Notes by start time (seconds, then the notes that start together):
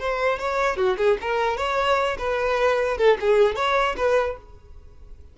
0.00 C5
0.39 C#5
0.77 F#4
0.98 G#4
1.21 A#4
1.58 C#5
2.19 B4
2.98 A4
3.21 G#4
3.56 C#5
3.97 B4